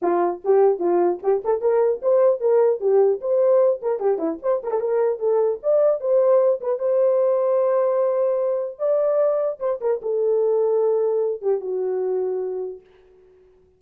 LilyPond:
\new Staff \with { instrumentName = "horn" } { \time 4/4 \tempo 4 = 150 f'4 g'4 f'4 g'8 a'8 | ais'4 c''4 ais'4 g'4 | c''4. ais'8 g'8 e'8 c''8 ais'16 a'16 | ais'4 a'4 d''4 c''4~ |
c''8 b'8 c''2.~ | c''2 d''2 | c''8 ais'8 a'2.~ | a'8 g'8 fis'2. | }